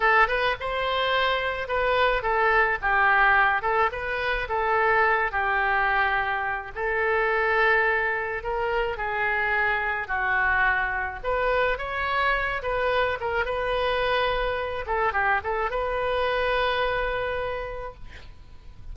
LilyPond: \new Staff \with { instrumentName = "oboe" } { \time 4/4 \tempo 4 = 107 a'8 b'8 c''2 b'4 | a'4 g'4. a'8 b'4 | a'4. g'2~ g'8 | a'2. ais'4 |
gis'2 fis'2 | b'4 cis''4. b'4 ais'8 | b'2~ b'8 a'8 g'8 a'8 | b'1 | }